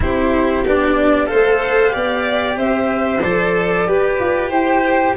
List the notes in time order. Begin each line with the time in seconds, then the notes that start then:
0.00 C4 E4 G4 C5
0.65 B3 D4 D5
1.26 A4 C5 F5
1.32 A3
1.89 B3 G4 D5
2.56 C4 C5 E5
3.20 F3 A4 D5
3.87 G4 B4
4.19 F4
4.49 E4 C5 G5